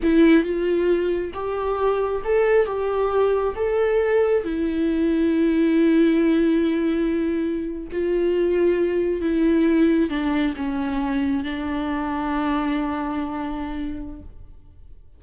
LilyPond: \new Staff \with { instrumentName = "viola" } { \time 4/4 \tempo 4 = 135 e'4 f'2 g'4~ | g'4 a'4 g'2 | a'2 e'2~ | e'1~ |
e'4.~ e'16 f'2~ f'16~ | f'8. e'2 d'4 cis'16~ | cis'4.~ cis'16 d'2~ d'16~ | d'1 | }